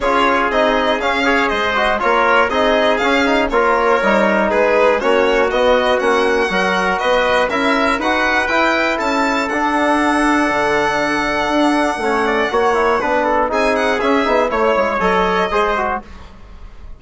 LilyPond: <<
  \new Staff \with { instrumentName = "violin" } { \time 4/4 \tempo 4 = 120 cis''4 dis''4 f''4 dis''4 | cis''4 dis''4 f''4 cis''4~ | cis''4 b'4 cis''4 dis''4 | fis''2 dis''4 e''4 |
fis''4 g''4 a''4 fis''4~ | fis''1~ | fis''2. gis''8 fis''8 | e''4 cis''4 dis''2 | }
  \new Staff \with { instrumentName = "trumpet" } { \time 4/4 gis'2~ gis'8 cis''8 c''4 | ais'4 gis'2 ais'4~ | ais'4 gis'4 fis'2~ | fis'4 ais'4 b'4 ais'4 |
b'2 a'2~ | a'1 | cis''8 d''8 cis''4 b'8 a'8 gis'4~ | gis'4 cis''2 c''4 | }
  \new Staff \with { instrumentName = "trombone" } { \time 4/4 f'4 dis'4 cis'8 gis'4 fis'8 | f'4 dis'4 cis'8 dis'8 f'4 | dis'2 cis'4 b4 | cis'4 fis'2 e'4 |
fis'4 e'2 d'4~ | d'1 | cis'4 fis'8 e'8 d'4 dis'4 | cis'8 dis'8 e'4 a'4 gis'8 fis'8 | }
  \new Staff \with { instrumentName = "bassoon" } { \time 4/4 cis'4 c'4 cis'4 gis4 | ais4 c'4 cis'4 ais4 | g4 gis4 ais4 b4 | ais4 fis4 b4 cis'4 |
dis'4 e'4 cis'4 d'4~ | d'4 d2 d'4 | a4 ais4 b4 c'4 | cis'8 b8 a8 gis8 fis4 gis4 | }
>>